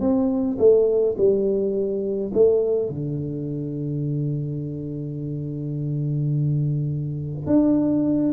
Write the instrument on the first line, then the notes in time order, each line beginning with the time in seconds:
tuba
0.00 C4
0.58 A3
1.17 G3
2.34 A3
2.89 D3
7.46 D4